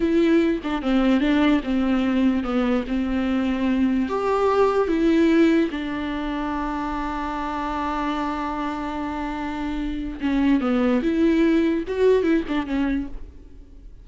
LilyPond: \new Staff \with { instrumentName = "viola" } { \time 4/4 \tempo 4 = 147 e'4. d'8 c'4 d'4 | c'2 b4 c'4~ | c'2 g'2 | e'2 d'2~ |
d'1~ | d'1~ | d'4 cis'4 b4 e'4~ | e'4 fis'4 e'8 d'8 cis'4 | }